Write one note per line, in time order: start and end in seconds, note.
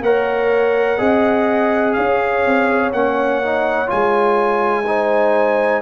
0.00 0.97 A#3
0.00 0.98 A#4
0.00 0.98 C#5
0.00 1.94 F#5
0.98 1.96 C4
0.98 2.92 G#4
0.98 1.95 D#5
1.94 2.46 C#4
1.94 4.86 C#5
1.94 2.90 F5
2.46 2.93 C4
2.93 3.89 A#3
2.93 3.42 C#4
2.93 3.90 F#5
3.43 3.87 D#4
3.87 5.81 G#3
3.87 4.84 F4
3.87 5.81 G#5
4.87 5.81 D#4
4.87 5.81 C5